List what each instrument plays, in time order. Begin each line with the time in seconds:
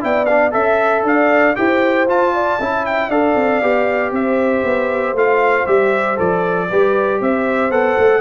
0.00 tuba B3, trombone E4, horn D5, trumpet G5
0.25 trombone D4, trumpet F5
0.51 tuba C#4, trombone A4, trumpet E5, horn E5
1.03 tuba D4, horn D5, trumpet F5
1.55 tuba E4, trombone G4, horn C5, trumpet G5
2.07 tuba F4, trombone F4, trumpet A5
2.34 horn D5
2.59 tuba C#4, trombone E4, horn E5
2.85 trumpet G5
3.08 tuba D4, trombone A4, horn D5, trumpet F5
3.35 tuba C4
3.61 tuba B3, trombone G4
4.11 tuba C4, horn C5, trumpet E5
4.64 tuba B3
5.13 tuba A3, trombone F4, trumpet F5
5.66 tuba G3, trombone G4, trumpet E5
6.16 tuba F3, trombone A4, trumpet D5
6.69 tuba G3, trombone G4, horn B4
7.20 tuba C4, horn C5, trumpet E5
7.70 tuba B3, trombone A4, trumpet F#5
7.97 tuba A3